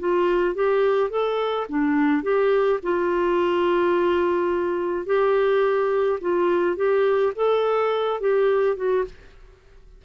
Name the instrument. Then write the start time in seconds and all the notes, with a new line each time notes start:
clarinet
0.00 F4
0.55 G4
1.10 A4
1.69 D4
2.23 G4
2.83 F4
5.06 G4
6.21 F4
6.77 G4
7.36 A4
8.21 G4
8.77 F#4